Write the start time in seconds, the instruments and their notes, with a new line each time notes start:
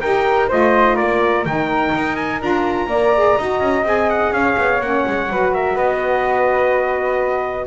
0.00 double bass D#4, saxophone G4, flute A#4, trumpet G5
0.48 double bass A3, saxophone F4, flute C5, trumpet D#5
0.95 double bass A#3, flute A#4, trumpet D5
1.45 double bass D#3, saxophone D#4, trumpet G5
1.95 double bass D#4
2.15 trumpet G#5
2.40 double bass D4, saxophone F4, trumpet A#5
2.86 double bass A#3, saxophone A#4, flute D5
3.15 saxophone G#4
3.37 double bass D#4, saxophone F#4, flute D#5
3.60 double bass C#4
3.83 double bass C4, saxophone G#4, trumpet G#5
4.09 trumpet F#5
4.32 double bass C#4, flute C#5, trumpet F5
4.57 double bass B3
4.80 double bass A#3, saxophone C#4, trumpet F#5
5.06 double bass G#3
5.29 double bass F#3, saxophone F#4, flute B4
5.53 flute A#4, trumpet E5
5.74 double bass B3, flute B4, trumpet D#5